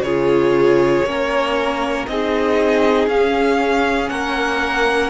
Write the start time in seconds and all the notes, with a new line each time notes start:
0.00 C#3 F4 G#4 C#5
1.05 A#3 C#4 A#4
2.07 C4 D#4 G#4 D#5
3.07 C#4 F5
4.09 A#3 A#4 F#5